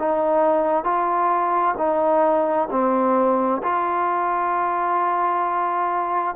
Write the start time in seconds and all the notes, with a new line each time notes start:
0.00 D#4
0.84 F4
1.78 D#4
2.71 C4
3.63 F4